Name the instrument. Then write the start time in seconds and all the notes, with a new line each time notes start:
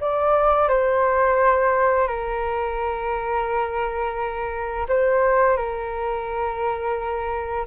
flute
0.00 D5
0.68 C5
2.07 A#4
4.88 C5
5.56 A#4